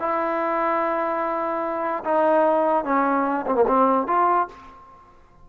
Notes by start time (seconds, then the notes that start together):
0.00 E4
2.05 D#4
2.85 C#4
3.47 C4
3.55 A#3
3.68 C4
4.08 F4